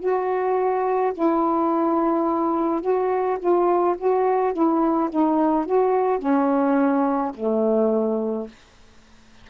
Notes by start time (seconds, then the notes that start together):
0.00 F#4
1.14 E4
2.81 F#4
3.39 F4
3.98 F#4
4.53 E4
5.10 D#4
5.66 F#4
6.19 C#4
7.34 A3